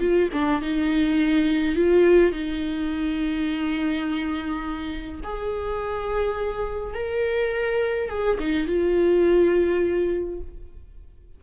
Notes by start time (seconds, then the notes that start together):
0.00 F4
0.33 D4
0.61 D#4
1.75 F4
2.32 D#4
5.23 G#4
6.94 A#4
8.09 G#4
8.39 D#4
8.67 F4